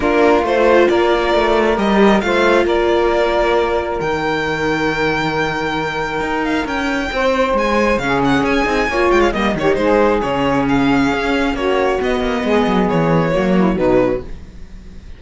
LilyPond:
<<
  \new Staff \with { instrumentName = "violin" } { \time 4/4 \tempo 4 = 135 ais'4 c''4 d''2 | dis''4 f''4 d''2~ | d''4 g''2.~ | g''2~ g''8 f''8 g''4~ |
g''4 gis''4 f''8 fis''8 gis''4~ | gis''8 g''16 f''16 dis''8 cis''8 c''4 cis''4 | f''2 cis''4 dis''4~ | dis''4 cis''2 b'4 | }
  \new Staff \with { instrumentName = "saxophone" } { \time 4/4 f'2 ais'2~ | ais'4 c''4 ais'2~ | ais'1~ | ais'1 |
c''2 gis'2 | cis''4 dis''8 g'8 gis'2~ | gis'2 fis'2 | gis'2 fis'8 e'8 dis'4 | }
  \new Staff \with { instrumentName = "viola" } { \time 4/4 d'4 f'2. | g'4 f'2.~ | f'4 dis'2.~ | dis'1~ |
dis'2 cis'4. dis'8 | f'4 ais8 dis'4. cis'4~ | cis'2. b4~ | b2 ais4 fis4 | }
  \new Staff \with { instrumentName = "cello" } { \time 4/4 ais4 a4 ais4 a4 | g4 a4 ais2~ | ais4 dis2.~ | dis2 dis'4 cis'4 |
c'4 gis4 cis4 cis'8 c'8 | ais8 gis8 g8 dis8 gis4 cis4~ | cis4 cis'4 ais4 b8 ais8 | gis8 fis8 e4 fis4 b,4 | }
>>